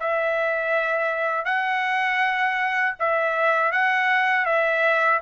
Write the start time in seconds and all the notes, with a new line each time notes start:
0.00 E5
1.45 F#5
2.99 E5
3.72 F#5
4.46 E5